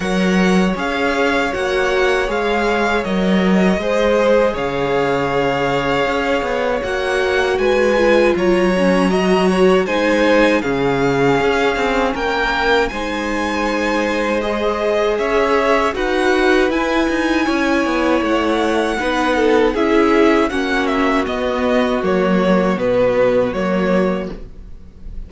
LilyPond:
<<
  \new Staff \with { instrumentName = "violin" } { \time 4/4 \tempo 4 = 79 fis''4 f''4 fis''4 f''4 | dis''2 f''2~ | f''4 fis''4 gis''4 ais''4~ | ais''4 gis''4 f''2 |
g''4 gis''2 dis''4 | e''4 fis''4 gis''2 | fis''2 e''4 fis''8 e''8 | dis''4 cis''4 b'4 cis''4 | }
  \new Staff \with { instrumentName = "violin" } { \time 4/4 cis''1~ | cis''4 c''4 cis''2~ | cis''2 b'4 cis''4 | dis''8 cis''8 c''4 gis'2 |
ais'4 c''2. | cis''4 b'2 cis''4~ | cis''4 b'8 a'8 gis'4 fis'4~ | fis'1 | }
  \new Staff \with { instrumentName = "viola" } { \time 4/4 ais'4 gis'4 fis'4 gis'4 | ais'4 gis'2.~ | gis'4 fis'4. f'4 cis'8 | fis'4 dis'4 cis'2~ |
cis'4 dis'2 gis'4~ | gis'4 fis'4 e'2~ | e'4 dis'4 e'4 cis'4 | b4 ais4 b4 ais4 | }
  \new Staff \with { instrumentName = "cello" } { \time 4/4 fis4 cis'4 ais4 gis4 | fis4 gis4 cis2 | cis'8 b8 ais4 gis4 fis4~ | fis4 gis4 cis4 cis'8 c'8 |
ais4 gis2. | cis'4 dis'4 e'8 dis'8 cis'8 b8 | a4 b4 cis'4 ais4 | b4 fis4 b,4 fis4 | }
>>